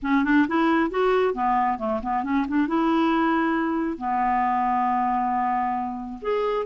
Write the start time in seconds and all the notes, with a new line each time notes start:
0.02 C#4
0.24 D4
0.47 E4
0.90 F#4
1.34 B3
1.78 A3
2.02 B3
2.23 C#4
2.47 D4
2.67 E4
3.97 B3
6.21 G#4